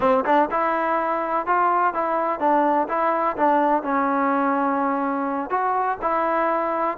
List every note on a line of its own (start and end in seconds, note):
0.00 0.24 C4
0.25 0.49 D4
0.50 1.46 E4
1.46 1.93 F4
1.93 2.39 E4
2.39 2.87 D4
2.88 3.36 E4
3.36 3.82 D4
3.82 5.50 C#4
5.50 5.98 F#4
6.01 6.97 E4